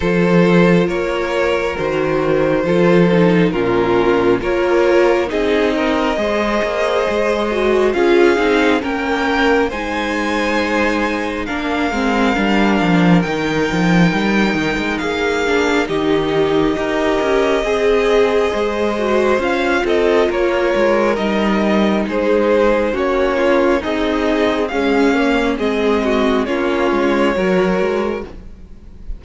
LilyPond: <<
  \new Staff \with { instrumentName = "violin" } { \time 4/4 \tempo 4 = 68 c''4 cis''4 c''2 | ais'4 cis''4 dis''2~ | dis''4 f''4 g''4 gis''4~ | gis''4 f''2 g''4~ |
g''4 f''4 dis''2~ | dis''2 f''8 dis''8 cis''4 | dis''4 c''4 cis''4 dis''4 | f''4 dis''4 cis''2 | }
  \new Staff \with { instrumentName = "violin" } { \time 4/4 a'4 ais'2 a'4 | f'4 ais'4 gis'8 ais'8 c''4~ | c''4 gis'4 ais'4 c''4~ | c''4 ais'2.~ |
ais'4 gis'4 g'4 ais'4 | gis'4 c''4. a'8 ais'4~ | ais'4 gis'4 fis'8 f'8 dis'4 | cis'4 gis'8 fis'8 f'4 ais'4 | }
  \new Staff \with { instrumentName = "viola" } { \time 4/4 f'2 fis'4 f'8 dis'8 | cis'4 f'4 dis'4 gis'4~ | gis'8 fis'8 f'8 dis'8 cis'4 dis'4~ | dis'4 d'8 c'8 d'4 dis'4~ |
dis'4. d'8 dis'4 g'4 | gis'4. fis'8 f'2 | dis'2 cis'4 gis'4 | gis8 ais8 c'4 cis'4 fis'4 | }
  \new Staff \with { instrumentName = "cello" } { \time 4/4 f4 ais4 dis4 f4 | ais,4 ais4 c'4 gis8 ais8 | gis4 cis'8 c'8 ais4 gis4~ | gis4 ais8 gis8 g8 f8 dis8 f8 |
g8 dis16 gis16 ais4 dis4 dis'8 cis'8 | c'4 gis4 cis'8 c'8 ais8 gis8 | g4 gis4 ais4 c'4 | cis'4 gis4 ais8 gis8 fis8 gis8 | }
>>